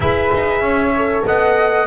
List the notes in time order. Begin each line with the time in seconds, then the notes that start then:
0.00 E4 G#4 B4 E5
0.33 D#4
0.60 C#4 C#5
0.96 A4
1.26 B3 D#5 F#5